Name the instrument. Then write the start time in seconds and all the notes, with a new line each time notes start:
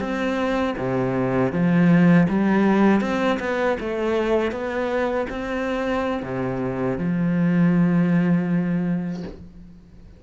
cello
0.00 C4
0.78 C3
1.52 F3
2.29 G3
3.01 C4
3.40 B3
3.80 A3
4.52 B3
5.30 C4
6.23 C3
6.98 F3